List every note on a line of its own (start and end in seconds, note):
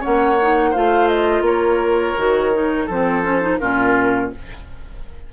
0.00 0.75 A#3
0.00 0.36 C#4
0.00 0.70 C#5
0.00 0.73 F#5
0.42 0.74 D#4
0.70 1.41 A3
0.70 2.17 F4
0.70 1.41 C5
0.70 1.07 F5
1.07 1.43 D#5
1.41 2.12 A#3
1.41 2.85 A#4
1.41 2.88 C#5
2.17 2.88 D#3
2.17 2.53 F#4
2.53 2.88 D#4
2.85 3.60 F3
2.85 3.23 C4
2.85 3.57 A4
2.85 3.58 C5
3.23 3.41 C#4
3.41 3.59 D#4
3.58 4.32 A#2
3.58 4.32 C#4
3.58 4.31 F4
3.58 4.30 A#4